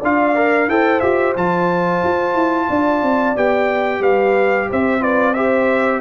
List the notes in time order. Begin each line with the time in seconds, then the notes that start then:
0.00 D4 F4 D5 F5
0.35 A#4
0.68 E4 A4 C5 G5
1.00 F4 G4 E5
1.36 F3 F4 A5
2.04 F4
2.35 E4
2.70 D4 D5
3.03 C4
3.36 B3 G4 G5
4.00 G3 B4 F5
4.69 C4 C5 E5
5.00 F4 B4 D5
5.34 G4 C5 E5